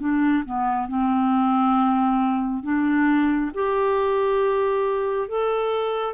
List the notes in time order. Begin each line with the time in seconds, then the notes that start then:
0.00 D4
0.45 B3
0.89 C4
2.64 D4
3.55 G4
5.29 A4